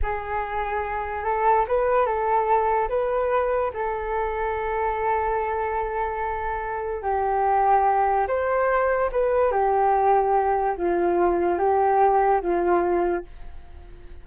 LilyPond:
\new Staff \with { instrumentName = "flute" } { \time 4/4 \tempo 4 = 145 gis'2. a'4 | b'4 a'2 b'4~ | b'4 a'2.~ | a'1~ |
a'4 g'2. | c''2 b'4 g'4~ | g'2 f'2 | g'2 f'2 | }